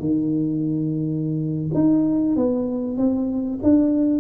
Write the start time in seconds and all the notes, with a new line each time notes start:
0.00 D#3
1.74 D#4
2.36 B3
2.97 C4
3.63 D4